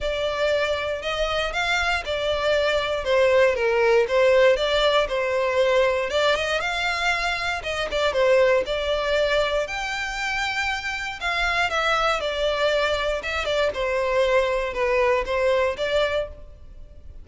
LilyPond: \new Staff \with { instrumentName = "violin" } { \time 4/4 \tempo 4 = 118 d''2 dis''4 f''4 | d''2 c''4 ais'4 | c''4 d''4 c''2 | d''8 dis''8 f''2 dis''8 d''8 |
c''4 d''2 g''4~ | g''2 f''4 e''4 | d''2 e''8 d''8 c''4~ | c''4 b'4 c''4 d''4 | }